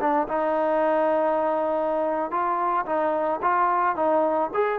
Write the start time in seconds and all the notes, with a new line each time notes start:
0.00 D4
0.28 D#4
2.31 F4
2.86 D#4
3.42 F4
3.96 D#4
4.54 G#4